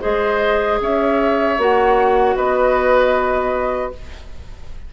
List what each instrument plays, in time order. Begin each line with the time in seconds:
0.00 bassoon G#3, clarinet G#4, oboe C5, flute D#5
0.80 bassoon C#4, oboe C#5, flute E5
1.57 bassoon A#3, clarinet F#4, flute F#5
2.36 bassoon B3, oboe B4, flute D#5